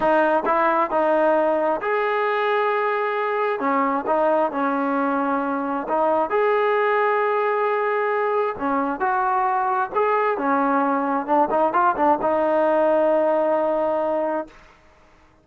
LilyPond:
\new Staff \with { instrumentName = "trombone" } { \time 4/4 \tempo 4 = 133 dis'4 e'4 dis'2 | gis'1 | cis'4 dis'4 cis'2~ | cis'4 dis'4 gis'2~ |
gis'2. cis'4 | fis'2 gis'4 cis'4~ | cis'4 d'8 dis'8 f'8 d'8 dis'4~ | dis'1 | }